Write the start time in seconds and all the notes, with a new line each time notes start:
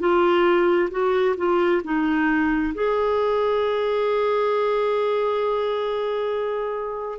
0.00 F4
0.91 F#4
1.38 F4
1.84 D#4
2.75 G#4